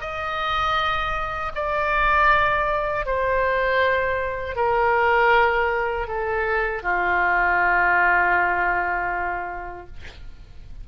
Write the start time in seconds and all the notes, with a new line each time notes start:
0.00 D#5
1.55 D5
3.06 C5
4.55 A#4
6.07 A4
6.82 F4